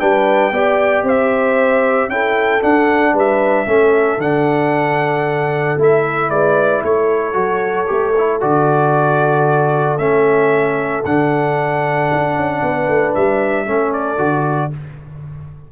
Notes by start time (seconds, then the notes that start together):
0.00 G3 D4 B4 G5
0.52 B3 G4 D5
1.04 C4 C5 E5
2.09 C#4 E4 A4 G5
2.62 D4 F#5
3.13 G3 B4 E5
3.66 A3 C#4 A4
4.18 D3 D4 F#5
5.78 A3 E4 E5
6.30 G#3 B4 D5
6.84 A3 A4 C#5
7.34 F#3 F#4
7.87 A3 G4
8.18 E4
8.41 D3 F#4 D5
9.98 A3 C#4 E5
11.05 D3 D4 F#5
12.13 D4
12.36 C#4
12.63 B3 B4
12.88 A3
13.15 G3 E5
13.66 A3 C#4 A4
13.93 D5
14.18 D3 F#4